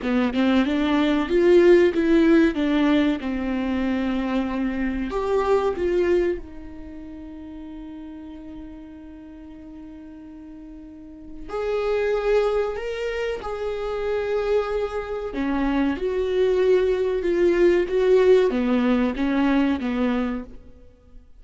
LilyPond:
\new Staff \with { instrumentName = "viola" } { \time 4/4 \tempo 4 = 94 b8 c'8 d'4 f'4 e'4 | d'4 c'2. | g'4 f'4 dis'2~ | dis'1~ |
dis'2 gis'2 | ais'4 gis'2. | cis'4 fis'2 f'4 | fis'4 b4 cis'4 b4 | }